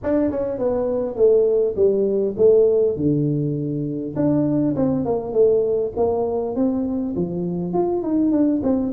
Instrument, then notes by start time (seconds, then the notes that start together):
tuba
0.03 D4
0.31 C#4
0.58 B3
1.16 A3
1.76 G3
2.37 A3
2.96 D3
4.16 D4
4.76 C4
5.05 A#3
5.32 A3
5.96 A#3
6.55 C4
7.16 F3
7.73 F4
8.02 D#4
8.31 D4
8.63 C4